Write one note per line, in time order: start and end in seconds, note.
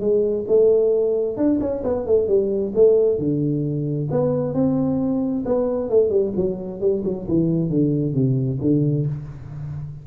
0.00 0.45 G#3
0.48 1.37 A3
1.37 1.60 D4
1.60 1.83 C#4
1.84 2.06 B3
2.06 2.28 A3
2.28 2.73 G3
2.75 3.18 A3
3.18 4.09 D3
4.11 4.54 B3
4.54 5.44 C4
5.45 5.90 B3
5.90 6.10 A3
6.10 6.32 G3
6.36 6.81 F#3
6.81 7.03 G3
7.05 7.27 F#3
7.28 7.70 E3
7.70 8.14 D3
8.14 8.59 C3
8.61 9.06 D3